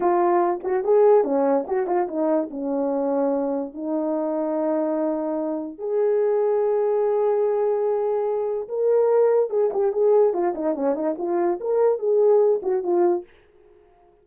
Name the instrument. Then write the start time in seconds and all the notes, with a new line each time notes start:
horn
0.00 F4
0.63 F#4
0.84 G#4
1.24 C#4
1.67 F#4
1.87 F4
2.07 D#4
2.50 C#4
3.74 D#4
5.78 G#4
8.68 A#4
9.50 G#4
9.73 G4
9.92 G#4
10.33 F4
10.54 D#4
10.75 C#4
10.94 D#4
11.17 F4
11.60 A#4
11.98 G#4
12.62 F#4
12.83 F4